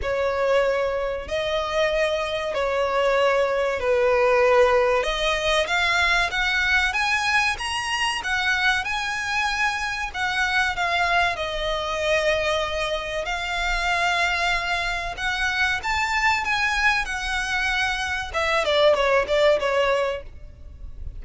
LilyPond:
\new Staff \with { instrumentName = "violin" } { \time 4/4 \tempo 4 = 95 cis''2 dis''2 | cis''2 b'2 | dis''4 f''4 fis''4 gis''4 | ais''4 fis''4 gis''2 |
fis''4 f''4 dis''2~ | dis''4 f''2. | fis''4 a''4 gis''4 fis''4~ | fis''4 e''8 d''8 cis''8 d''8 cis''4 | }